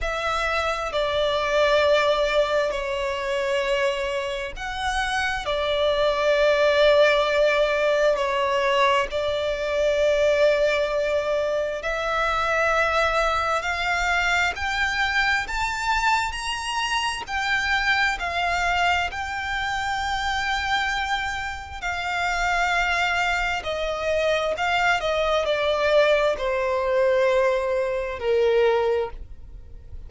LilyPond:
\new Staff \with { instrumentName = "violin" } { \time 4/4 \tempo 4 = 66 e''4 d''2 cis''4~ | cis''4 fis''4 d''2~ | d''4 cis''4 d''2~ | d''4 e''2 f''4 |
g''4 a''4 ais''4 g''4 | f''4 g''2. | f''2 dis''4 f''8 dis''8 | d''4 c''2 ais'4 | }